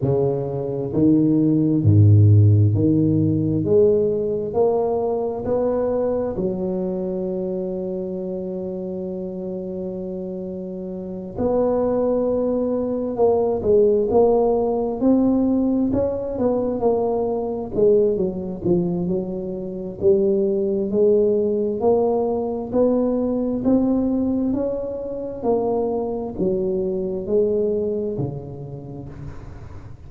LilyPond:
\new Staff \with { instrumentName = "tuba" } { \time 4/4 \tempo 4 = 66 cis4 dis4 gis,4 dis4 | gis4 ais4 b4 fis4~ | fis1~ | fis8 b2 ais8 gis8 ais8~ |
ais8 c'4 cis'8 b8 ais4 gis8 | fis8 f8 fis4 g4 gis4 | ais4 b4 c'4 cis'4 | ais4 fis4 gis4 cis4 | }